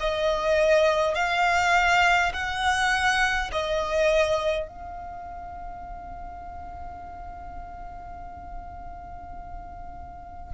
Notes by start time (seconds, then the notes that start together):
0.00 D#5
1.15 F5
2.33 F#5
3.52 D#5
4.67 F5